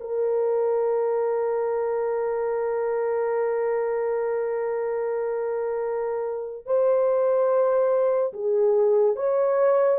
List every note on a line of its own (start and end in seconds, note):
0.00 6.66 A#4
6.66 8.33 C5
8.33 9.16 G#4
9.16 9.98 C#5